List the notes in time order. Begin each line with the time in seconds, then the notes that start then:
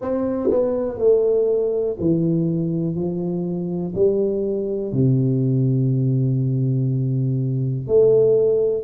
0.00 C4
0.50 B3
0.98 A3
1.99 E3
2.95 F3
3.95 G3
4.92 C3
7.87 A3